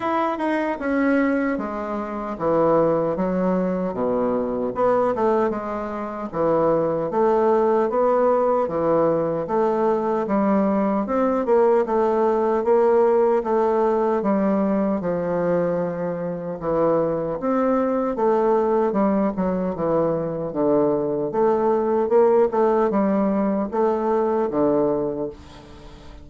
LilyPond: \new Staff \with { instrumentName = "bassoon" } { \time 4/4 \tempo 4 = 76 e'8 dis'8 cis'4 gis4 e4 | fis4 b,4 b8 a8 gis4 | e4 a4 b4 e4 | a4 g4 c'8 ais8 a4 |
ais4 a4 g4 f4~ | f4 e4 c'4 a4 | g8 fis8 e4 d4 a4 | ais8 a8 g4 a4 d4 | }